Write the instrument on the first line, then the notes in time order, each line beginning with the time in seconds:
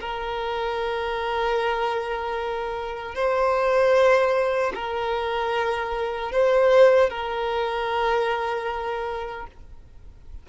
violin
0.00 A#4
3.14 C5
4.74 A#4
6.32 C5
7.09 A#4